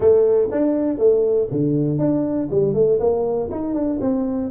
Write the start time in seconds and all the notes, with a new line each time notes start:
0.00 A3
0.51 D4
0.97 A3
1.51 D3
1.98 D4
2.50 G3
2.74 A3
2.99 A#3
3.51 D#4
3.74 D4
4.00 C4